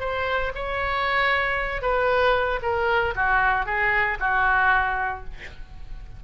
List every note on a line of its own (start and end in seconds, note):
0.00 0.52 C5
0.55 1.82 C#5
1.82 2.60 B4
2.62 3.14 A#4
3.16 3.66 F#4
3.66 4.18 G#4
4.20 5.24 F#4